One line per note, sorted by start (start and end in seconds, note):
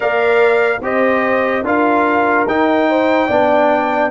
0.00 0.80 A#3
0.00 0.78 A#4
0.00 0.81 D5
0.00 0.82 F5
0.80 1.63 C4
0.80 1.64 G4
0.80 1.65 C5
0.80 1.66 D#5
1.63 2.45 D4
1.63 2.47 F4
1.63 2.89 A#4
1.63 2.48 F5
2.46 3.28 D#4
2.46 3.29 D#4
2.46 4.11 G5
2.89 3.26 C5
3.26 4.11 B3
3.26 4.11 D4
3.26 4.09 D5